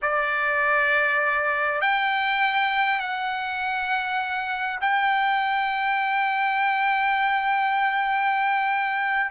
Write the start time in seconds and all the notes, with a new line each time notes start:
0.02 D5
1.81 G5
2.99 F#5
4.80 G5